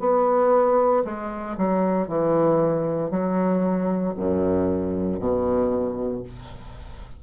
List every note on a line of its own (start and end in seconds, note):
0.00 1.03 B3
1.05 1.57 G#3
1.58 2.08 F#3
2.08 3.11 E3
3.11 4.14 F#3
4.17 5.20 F#2
5.20 6.24 B2